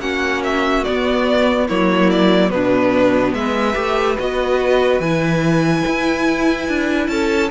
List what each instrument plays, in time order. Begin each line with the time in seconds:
0.00 cello A#3, viola C#4, violin F#4 F#5
0.44 violin E5
0.85 viola B3, cello B3, violin D5
1.68 cello F#3, viola A#3, violin E4 C#5
2.11 violin D5
2.50 cello B2, viola B3, violin D4 B4
3.34 cello G#3, violin B4 E5
3.74 cello A3, viola G4
4.20 cello B3, viola F#4, violin D#5
5.00 cello E3, viola E4, violin G#5
5.87 cello E4
6.69 cello D4
7.08 cello C#4, violin A4 A5